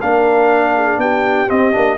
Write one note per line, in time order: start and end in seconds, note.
0.00 0.98 A#3
0.00 1.48 D4
0.00 0.74 A#4
0.00 1.00 F5
0.75 1.00 G#4
0.98 1.48 B3
0.98 1.98 G4
0.98 1.50 G5
1.48 1.73 C4
1.48 1.76 C4
1.48 1.98 D#5
1.73 1.98 A#3
1.73 1.97 D4